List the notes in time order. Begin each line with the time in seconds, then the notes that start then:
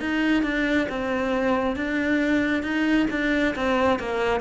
0.00 D#4
0.43 D4
0.89 C4
1.76 D4
2.63 D#4
3.11 D4
3.55 C4
3.99 A#3